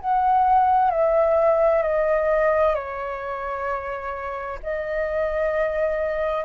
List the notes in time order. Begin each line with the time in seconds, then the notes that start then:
0.00 F#5
0.90 E5
1.82 D#5
2.74 C#5
4.62 D#5